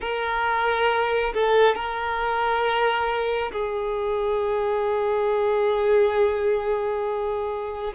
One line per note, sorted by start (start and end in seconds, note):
0.00 1.33 A#4
1.34 1.74 A4
1.74 3.51 A#4
3.52 7.93 G#4